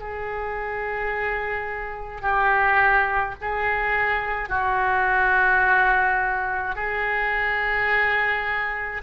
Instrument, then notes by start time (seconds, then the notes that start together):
oboe
0.00 G#4
2.21 G4
3.41 G#4
4.49 F#4
6.75 G#4